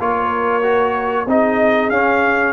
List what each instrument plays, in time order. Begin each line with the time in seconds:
0.00 tuba A#3, trombone F4, horn A#4, trumpet C#5
0.63 trombone F#4
1.27 tuba C4, trombone D#4, horn G#4, trumpet D#5
1.90 tuba C#4, trombone C#4, trumpet F5